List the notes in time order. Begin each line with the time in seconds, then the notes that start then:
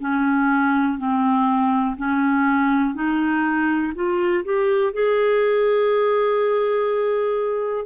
0.00 C#4
0.98 C4
1.97 C#4
2.95 D#4
3.95 F4
4.44 G4
4.93 G#4